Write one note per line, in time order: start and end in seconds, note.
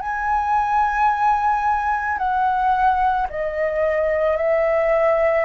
0.00 2.18 G#5
2.18 3.27 F#5
3.29 4.36 D#5
4.36 5.45 E5